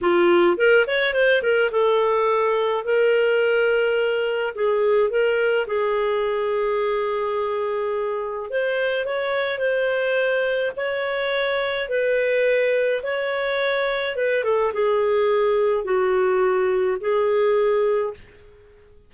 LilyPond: \new Staff \with { instrumentName = "clarinet" } { \time 4/4 \tempo 4 = 106 f'4 ais'8 cis''8 c''8 ais'8 a'4~ | a'4 ais'2. | gis'4 ais'4 gis'2~ | gis'2. c''4 |
cis''4 c''2 cis''4~ | cis''4 b'2 cis''4~ | cis''4 b'8 a'8 gis'2 | fis'2 gis'2 | }